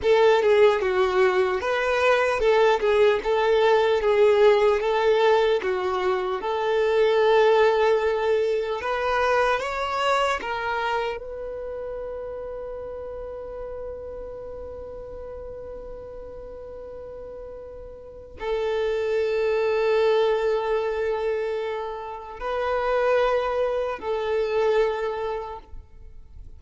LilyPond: \new Staff \with { instrumentName = "violin" } { \time 4/4 \tempo 4 = 75 a'8 gis'8 fis'4 b'4 a'8 gis'8 | a'4 gis'4 a'4 fis'4 | a'2. b'4 | cis''4 ais'4 b'2~ |
b'1~ | b'2. a'4~ | a'1 | b'2 a'2 | }